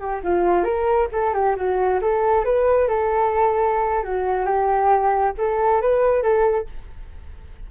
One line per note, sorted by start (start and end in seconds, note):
0.00 0.22 G4
0.24 0.64 F4
0.64 1.08 A#4
1.13 1.34 A4
1.34 1.56 G4
1.56 2.00 F#4
2.02 2.45 A4
2.45 2.89 B4
2.89 4.04 A4
4.04 4.46 F#4
4.46 5.34 G4
5.38 5.82 A4
5.82 6.23 B4
6.23 6.67 A4